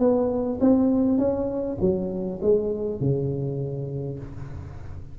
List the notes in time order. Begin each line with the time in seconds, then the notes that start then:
0.00 B3
0.61 C4
1.19 C#4
1.81 F#3
2.42 G#3
3.01 C#3